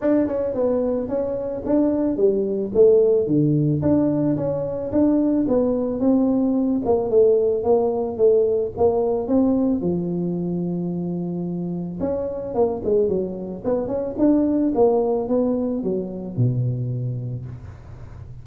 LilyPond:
\new Staff \with { instrumentName = "tuba" } { \time 4/4 \tempo 4 = 110 d'8 cis'8 b4 cis'4 d'4 | g4 a4 d4 d'4 | cis'4 d'4 b4 c'4~ | c'8 ais8 a4 ais4 a4 |
ais4 c'4 f2~ | f2 cis'4 ais8 gis8 | fis4 b8 cis'8 d'4 ais4 | b4 fis4 b,2 | }